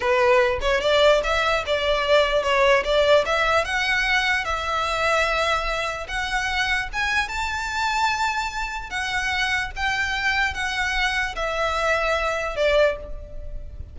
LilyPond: \new Staff \with { instrumentName = "violin" } { \time 4/4 \tempo 4 = 148 b'4. cis''8 d''4 e''4 | d''2 cis''4 d''4 | e''4 fis''2 e''4~ | e''2. fis''4~ |
fis''4 gis''4 a''2~ | a''2 fis''2 | g''2 fis''2 | e''2. d''4 | }